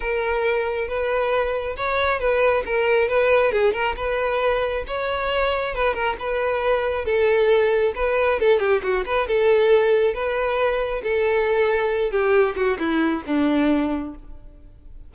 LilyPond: \new Staff \with { instrumentName = "violin" } { \time 4/4 \tempo 4 = 136 ais'2 b'2 | cis''4 b'4 ais'4 b'4 | gis'8 ais'8 b'2 cis''4~ | cis''4 b'8 ais'8 b'2 |
a'2 b'4 a'8 g'8 | fis'8 b'8 a'2 b'4~ | b'4 a'2~ a'8 g'8~ | g'8 fis'8 e'4 d'2 | }